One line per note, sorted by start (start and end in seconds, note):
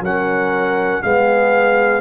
0.00 1.00 F#3
0.00 1.02 C#4
0.00 1.03 A#4
0.00 1.02 F#5
1.02 2.01 G#3
1.02 2.01 B3
1.02 2.01 G#4
1.02 2.01 F5